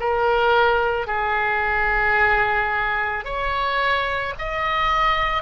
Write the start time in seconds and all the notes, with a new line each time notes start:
0.00 A#4
1.07 G#4
3.25 C#5
4.39 D#5